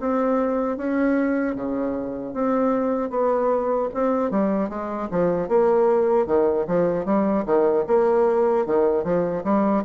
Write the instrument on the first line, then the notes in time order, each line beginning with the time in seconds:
bassoon
0.00 C4
0.77 C#4
1.55 C#3
2.34 C4
3.10 B3
3.94 C4
4.31 G3
4.69 G#3
5.11 F3
5.48 A#3
6.26 D#3
6.67 F3
7.05 G3
7.45 D#3
7.87 A#3
8.66 D#3
9.04 F3
9.44 G3